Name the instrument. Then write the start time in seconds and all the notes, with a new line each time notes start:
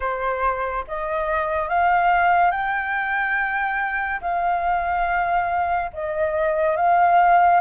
flute
0.00 C5
0.87 D#5
1.68 F5
2.51 G5
4.21 F5
5.93 D#5
6.76 F5